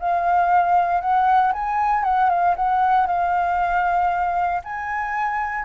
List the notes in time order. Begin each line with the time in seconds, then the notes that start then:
0.00 F5
1.01 F#5
1.53 G#5
2.04 F#5
2.30 F5
2.57 F#5
3.07 F5
4.64 G#5